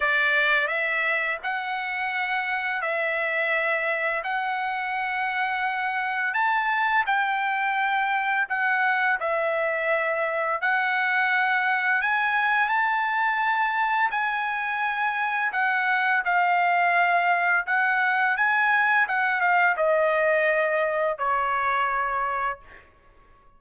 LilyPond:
\new Staff \with { instrumentName = "trumpet" } { \time 4/4 \tempo 4 = 85 d''4 e''4 fis''2 | e''2 fis''2~ | fis''4 a''4 g''2 | fis''4 e''2 fis''4~ |
fis''4 gis''4 a''2 | gis''2 fis''4 f''4~ | f''4 fis''4 gis''4 fis''8 f''8 | dis''2 cis''2 | }